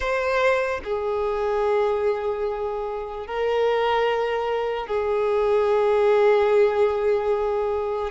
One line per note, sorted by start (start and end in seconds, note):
0.00 0.80 C5
0.83 3.27 G#4
3.27 4.86 A#4
4.86 8.11 G#4